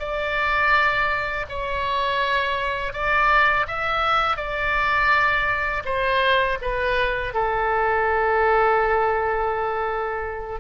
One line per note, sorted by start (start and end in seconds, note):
0.00 1.46 D5
1.49 2.93 C#5
2.93 3.67 D5
3.68 4.37 E5
4.37 5.83 D5
5.85 6.59 C5
6.62 7.34 B4
7.34 10.61 A4